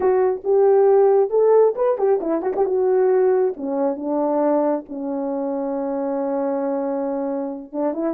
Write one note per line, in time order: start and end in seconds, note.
0.00 0.41 F#4
0.44 1.30 G4
1.30 1.74 A4
1.75 1.97 B4
1.97 2.19 G4
2.20 2.42 E4
2.42 2.53 F#4
2.55 2.65 G4
2.65 3.54 F#4
3.56 3.96 C#4
3.96 4.84 D4
4.89 7.72 C#4
7.72 7.93 D4
7.93 8.14 E4